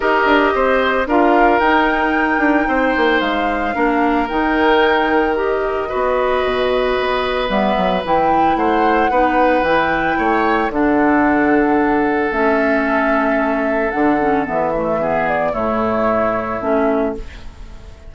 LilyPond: <<
  \new Staff \with { instrumentName = "flute" } { \time 4/4 \tempo 4 = 112 dis''2 f''4 g''4~ | g''2 f''2 | g''2 dis''2~ | dis''2 e''4 g''4 |
fis''2 g''2 | fis''2. e''4~ | e''2 fis''4 e''4~ | e''8 d''8 cis''2 e''4 | }
  \new Staff \with { instrumentName = "oboe" } { \time 4/4 ais'4 c''4 ais'2~ | ais'4 c''2 ais'4~ | ais'2. b'4~ | b'1 |
c''4 b'2 cis''4 | a'1~ | a'1 | gis'4 e'2. | }
  \new Staff \with { instrumentName = "clarinet" } { \time 4/4 g'2 f'4 dis'4~ | dis'2. d'4 | dis'2 g'4 fis'4~ | fis'2 b4 e'4~ |
e'4 dis'4 e'2 | d'2. cis'4~ | cis'2 d'8 cis'8 b8 a8 | b4 a2 cis'4 | }
  \new Staff \with { instrumentName = "bassoon" } { \time 4/4 dis'8 d'8 c'4 d'4 dis'4~ | dis'8 d'8 c'8 ais8 gis4 ais4 | dis2. b4 | b,4 b4 g8 fis8 e4 |
a4 b4 e4 a4 | d2. a4~ | a2 d4 e4~ | e4 a,2 a4 | }
>>